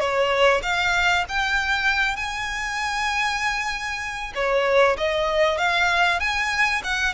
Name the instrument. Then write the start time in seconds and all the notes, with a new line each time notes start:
violin
0.00 C#5
0.63 F5
1.29 G5
2.16 G#5
4.35 C#5
4.98 D#5
5.58 F5
6.20 G#5
6.84 F#5